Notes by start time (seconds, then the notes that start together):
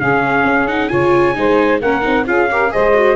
0.00 C#3 C#4 G#4 F5
0.45 C#4
0.68 D#4 F#5
0.88 C#3 F4 C#5 G#5
1.35 G#3 D#4 C5
1.81 A#3 C#4 A#4 F#5
2.02 C4 D#4
2.26 C#4 F4 G#4 F5
2.51 G4 A#4
2.70 G#3 G#4 C5 D#5
2.94 F#4